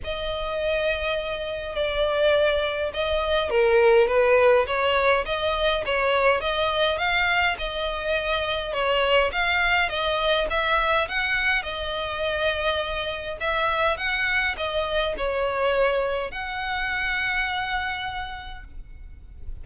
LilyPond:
\new Staff \with { instrumentName = "violin" } { \time 4/4 \tempo 4 = 103 dis''2. d''4~ | d''4 dis''4 ais'4 b'4 | cis''4 dis''4 cis''4 dis''4 | f''4 dis''2 cis''4 |
f''4 dis''4 e''4 fis''4 | dis''2. e''4 | fis''4 dis''4 cis''2 | fis''1 | }